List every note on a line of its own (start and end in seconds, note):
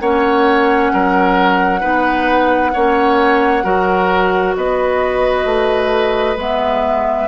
0.00 0.91 A#3
0.00 1.81 C#4
0.00 0.92 C#5
0.00 4.55 F#5
0.93 1.83 F#3
0.93 1.80 A#4
1.80 2.74 B3
1.80 2.72 D#4
1.80 2.71 B4
2.73 3.64 A#3
2.73 3.63 C#4
2.73 3.64 C#5
3.63 4.55 F#3
3.63 6.36 F#4
3.63 4.55 A#4
4.56 5.45 B3
4.56 7.28 B4
4.56 6.38 D#5
5.45 6.36 A3
6.36 7.27 G#3
6.36 7.28 B3
6.36 7.28 E5